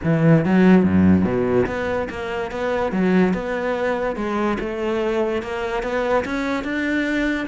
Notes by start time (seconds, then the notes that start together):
0.03 E3
0.45 F#3
0.83 F#2
1.24 B2
1.66 B3
2.09 A#3
2.51 B3
2.91 F#3
3.33 B3
4.16 G#3
4.59 A3
5.42 A#3
5.82 B3
6.24 C#4
6.64 D4